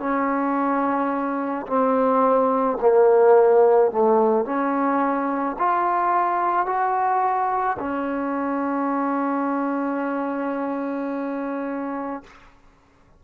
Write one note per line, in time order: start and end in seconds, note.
0.00 1.67 C#4
1.67 2.78 C4
2.81 3.91 A#3
3.91 4.45 A3
4.45 5.57 C#4
5.59 6.66 F4
6.66 7.77 F#4
7.79 12.24 C#4